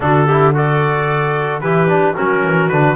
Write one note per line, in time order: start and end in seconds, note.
0.00 1.60 D3
0.00 0.27 D4
0.00 0.26 F#4
0.00 0.55 A4
0.26 0.54 E4
0.26 0.53 G4
0.54 1.62 F#4
0.54 1.62 A4
0.54 1.60 D5
1.60 2.14 E3
1.60 1.88 E4
1.60 2.14 G4
1.60 2.14 B4
1.88 2.15 D4
2.14 2.43 F#3
2.14 2.71 C#4
2.14 2.95 F#4
2.14 2.68 A#4
2.43 2.69 E3
2.68 2.95 D3
2.68 2.95 D4
2.68 2.95 B4